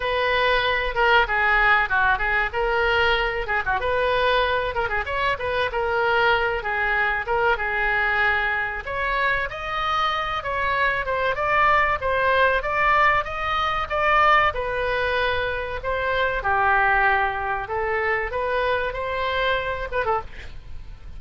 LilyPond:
\new Staff \with { instrumentName = "oboe" } { \time 4/4 \tempo 4 = 95 b'4. ais'8 gis'4 fis'8 gis'8 | ais'4. gis'16 fis'16 b'4. ais'16 gis'16 | cis''8 b'8 ais'4. gis'4 ais'8 | gis'2 cis''4 dis''4~ |
dis''8 cis''4 c''8 d''4 c''4 | d''4 dis''4 d''4 b'4~ | b'4 c''4 g'2 | a'4 b'4 c''4. b'16 a'16 | }